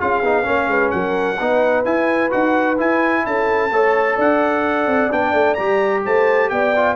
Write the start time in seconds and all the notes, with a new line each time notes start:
0.00 C#4 F4 G#4 F5
0.22 B3 D#4
0.43 A#3 C#4 C#5
0.67 G#3 B4
0.90 F#3 A#4 F#5
1.37 B3 D#4 B4
1.84 E4 G#5
2.30 D#4 F#4 F#5
2.78 E4 G#5
3.26 C#4 A4 A5
3.70 A3 A4 C#5
4.15 D4 D5 F#5
4.86 C4
5.11 B3 D4 G5
5.33 A3
5.54 G3 G4 A#5
6.04 A3 C5 A5
6.49 B3 D5 G5
6.76 F4